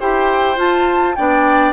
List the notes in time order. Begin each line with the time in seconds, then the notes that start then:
0.00 E4 G4 C5 G5
0.56 F4 A5
1.16 B3 D4 D5 G5